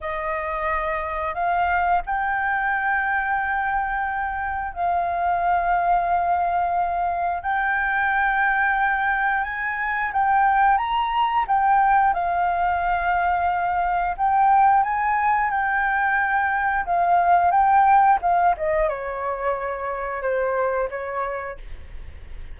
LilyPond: \new Staff \with { instrumentName = "flute" } { \time 4/4 \tempo 4 = 89 dis''2 f''4 g''4~ | g''2. f''4~ | f''2. g''4~ | g''2 gis''4 g''4 |
ais''4 g''4 f''2~ | f''4 g''4 gis''4 g''4~ | g''4 f''4 g''4 f''8 dis''8 | cis''2 c''4 cis''4 | }